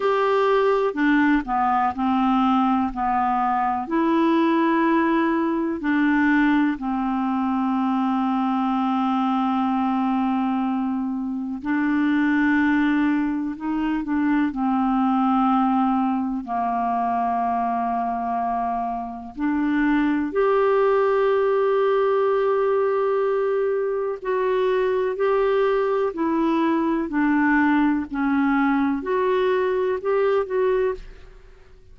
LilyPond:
\new Staff \with { instrumentName = "clarinet" } { \time 4/4 \tempo 4 = 62 g'4 d'8 b8 c'4 b4 | e'2 d'4 c'4~ | c'1 | d'2 dis'8 d'8 c'4~ |
c'4 ais2. | d'4 g'2.~ | g'4 fis'4 g'4 e'4 | d'4 cis'4 fis'4 g'8 fis'8 | }